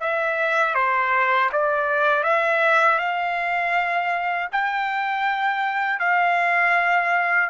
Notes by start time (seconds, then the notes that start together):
0.00 E5
0.75 C5
1.52 D5
2.23 E5
2.99 F5
4.52 G5
5.99 F5